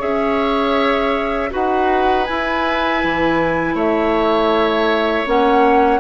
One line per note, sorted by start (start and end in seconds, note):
0.00 1.52 C#4
0.00 1.50 G#4
0.00 1.50 C#5
0.00 1.53 E5
1.51 2.30 D#4
1.51 2.26 F#4
1.51 3.75 B4
1.51 2.25 F#5
2.25 5.27 E4
2.25 3.04 E4
2.25 3.75 G#5
3.04 3.75 E3
3.75 5.25 A3
3.75 6.00 C#5
3.75 5.28 E5
5.27 6.00 A#3
5.27 6.00 C#4
5.27 6.00 F#5